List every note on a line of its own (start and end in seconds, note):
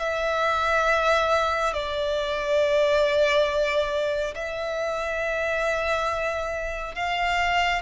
0.00 1.74 E5
1.74 4.35 D5
4.35 6.96 E5
6.96 7.82 F5